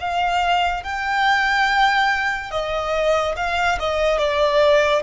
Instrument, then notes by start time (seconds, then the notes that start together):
violin
0.00 F5
0.83 G5
2.51 D#5
3.36 F5
3.79 D#5
4.18 D5